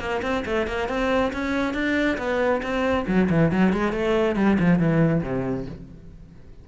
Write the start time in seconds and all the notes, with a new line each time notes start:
0.00 A#3
0.23 C4
0.46 A3
0.67 A#3
0.89 C4
1.33 C#4
1.74 D4
2.18 B3
2.63 C4
3.08 F#3
3.30 E3
3.52 F#3
3.73 G#3
3.93 A3
4.36 G3
4.60 F3
4.79 E3
5.23 C3